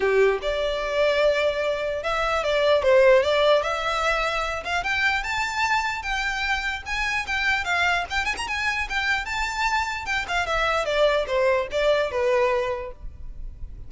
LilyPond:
\new Staff \with { instrumentName = "violin" } { \time 4/4 \tempo 4 = 149 g'4 d''2.~ | d''4 e''4 d''4 c''4 | d''4 e''2~ e''8 f''8 | g''4 a''2 g''4~ |
g''4 gis''4 g''4 f''4 | g''8 gis''16 ais''16 gis''4 g''4 a''4~ | a''4 g''8 f''8 e''4 d''4 | c''4 d''4 b'2 | }